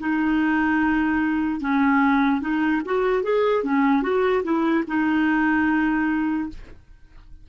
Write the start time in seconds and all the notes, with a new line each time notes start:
0.00 D#4
1.61 C#4
2.41 D#4
2.85 F#4
3.24 G#4
3.64 C#4
4.02 F#4
4.44 E4
4.87 D#4